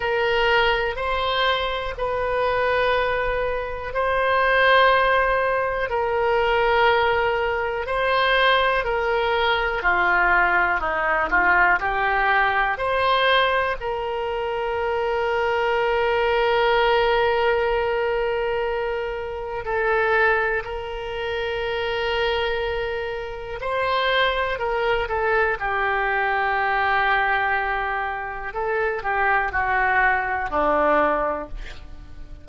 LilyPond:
\new Staff \with { instrumentName = "oboe" } { \time 4/4 \tempo 4 = 61 ais'4 c''4 b'2 | c''2 ais'2 | c''4 ais'4 f'4 dis'8 f'8 | g'4 c''4 ais'2~ |
ais'1 | a'4 ais'2. | c''4 ais'8 a'8 g'2~ | g'4 a'8 g'8 fis'4 d'4 | }